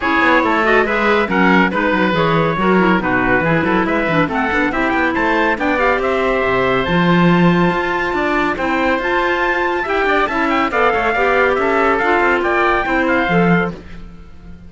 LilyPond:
<<
  \new Staff \with { instrumentName = "trumpet" } { \time 4/4 \tempo 4 = 140 cis''4. dis''8 e''4 fis''4 | b'4 cis''2 b'4~ | b'4 e''4 fis''4 e''8 g''8 | a''4 g''8 f''8 e''2 |
a''1 | g''4 a''2 g''4 | a''8 g''8 f''2 e''4 | f''4 g''4. f''4. | }
  \new Staff \with { instrumentName = "oboe" } { \time 4/4 gis'4 a'4 b'4 ais'4 | b'2 ais'4 fis'4 | gis'8 a'8 b'4 a'4 g'4 | c''4 d''4 c''2~ |
c''2. d''4 | c''2. e''8 d''8 | e''4 d''8 cis''8 d''4 a'4~ | a'4 d''4 c''2 | }
  \new Staff \with { instrumentName = "clarinet" } { \time 4/4 e'4. fis'8 gis'4 cis'4 | dis'4 gis'4 fis'8 e'8 dis'4 | e'4. d'8 c'8 d'8 e'4~ | e'4 d'8 g'2~ g'8 |
f'1 | e'4 f'2 g'4 | e'4 a'4 g'2 | f'2 e'4 a'4 | }
  \new Staff \with { instrumentName = "cello" } { \time 4/4 cis'8 b8 a4 gis4 fis4 | gis8 fis8 e4 fis4 b,4 | e8 fis8 gis8 e8 a8 b8 c'8 b8 | a4 b4 c'4 c4 |
f2 f'4 d'4 | c'4 f'2 e'8 d'8 | cis'4 b8 a8 b4 cis'4 | d'8 c'8 ais4 c'4 f4 | }
>>